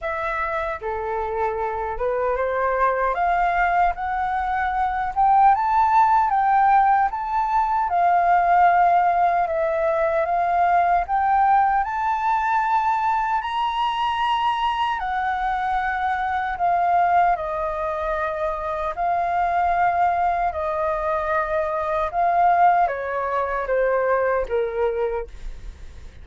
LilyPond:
\new Staff \with { instrumentName = "flute" } { \time 4/4 \tempo 4 = 76 e''4 a'4. b'8 c''4 | f''4 fis''4. g''8 a''4 | g''4 a''4 f''2 | e''4 f''4 g''4 a''4~ |
a''4 ais''2 fis''4~ | fis''4 f''4 dis''2 | f''2 dis''2 | f''4 cis''4 c''4 ais'4 | }